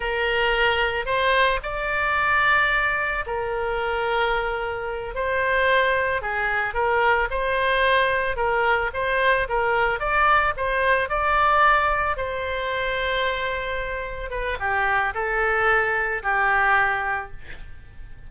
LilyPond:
\new Staff \with { instrumentName = "oboe" } { \time 4/4 \tempo 4 = 111 ais'2 c''4 d''4~ | d''2 ais'2~ | ais'4. c''2 gis'8~ | gis'8 ais'4 c''2 ais'8~ |
ais'8 c''4 ais'4 d''4 c''8~ | c''8 d''2 c''4.~ | c''2~ c''8 b'8 g'4 | a'2 g'2 | }